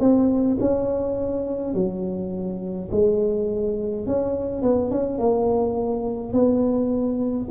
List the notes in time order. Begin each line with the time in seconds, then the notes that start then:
0.00 C4
0.60 C#4
1.74 F#3
2.91 G#3
4.06 C#4
4.63 B3
4.91 C#4
5.19 A#3
6.33 B3